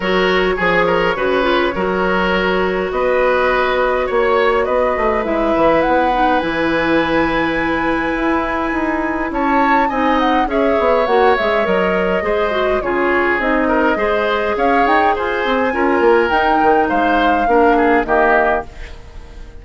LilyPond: <<
  \new Staff \with { instrumentName = "flute" } { \time 4/4 \tempo 4 = 103 cis''1~ | cis''4 dis''2 cis''4 | dis''4 e''4 fis''4 gis''4~ | gis''1 |
a''4 gis''8 fis''8 e''4 fis''8 e''8 | dis''2 cis''4 dis''4~ | dis''4 f''8 g''8 gis''2 | g''4 f''2 dis''4 | }
  \new Staff \with { instrumentName = "oboe" } { \time 4/4 ais'4 gis'8 ais'8 b'4 ais'4~ | ais'4 b'2 cis''4 | b'1~ | b'1 |
cis''4 dis''4 cis''2~ | cis''4 c''4 gis'4. ais'8 | c''4 cis''4 c''4 ais'4~ | ais'4 c''4 ais'8 gis'8 g'4 | }
  \new Staff \with { instrumentName = "clarinet" } { \time 4/4 fis'4 gis'4 fis'8 f'8 fis'4~ | fis'1~ | fis'4 e'4. dis'8 e'4~ | e'1~ |
e'4 dis'4 gis'4 fis'8 gis'8 | ais'4 gis'8 fis'8 f'4 dis'4 | gis'2. f'4 | dis'2 d'4 ais4 | }
  \new Staff \with { instrumentName = "bassoon" } { \time 4/4 fis4 f4 cis4 fis4~ | fis4 b2 ais4 | b8 a8 gis8 e8 b4 e4~ | e2 e'4 dis'4 |
cis'4 c'4 cis'8 b8 ais8 gis8 | fis4 gis4 cis4 c'4 | gis4 cis'8 dis'8 f'8 c'8 cis'8 ais8 | dis'8 dis8 gis4 ais4 dis4 | }
>>